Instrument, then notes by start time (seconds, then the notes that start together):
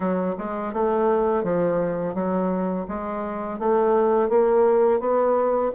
bassoon
0.00 F#3
0.38 G#3
0.73 A3
1.43 F3
2.14 F#3
2.88 G#3
3.59 A3
4.29 A#3
5.00 B3